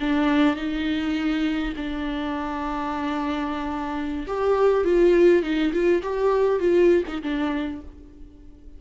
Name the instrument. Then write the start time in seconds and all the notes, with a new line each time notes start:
viola
0.00 D4
0.56 D#4
1.76 D4
4.27 G4
4.84 F4
5.43 D#4
5.73 F4
6.03 G4
6.60 F4
7.07 D#4
7.22 D4